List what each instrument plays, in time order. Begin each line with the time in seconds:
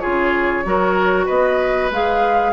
0.00 bassoon C#3, clarinet F4, oboe G#4, flute C#5
0.65 bassoon F#3, clarinet F#4, oboe A#4
1.26 bassoon B3, oboe B4, flute D#5
1.91 bassoon G#3, clarinet G#4, flute F5